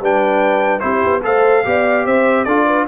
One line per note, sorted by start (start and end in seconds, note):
0.00 0.82 G3
0.00 0.80 D4
0.00 0.82 B4
0.00 0.80 G5
0.80 1.03 C4
0.80 1.21 E4
0.80 1.24 G4
0.80 1.20 C5
1.04 1.24 B3
1.23 1.65 A3
1.23 1.64 A4
1.23 1.65 C5
1.23 2.06 F5
1.64 2.05 B3
1.64 2.46 G4
1.64 2.05 D5
2.05 2.46 C4
2.05 2.46 C5
2.05 2.44 E5
2.44 2.87 D4
2.44 2.87 F4
2.44 2.65 A4
2.44 2.85 D5
2.65 2.86 B4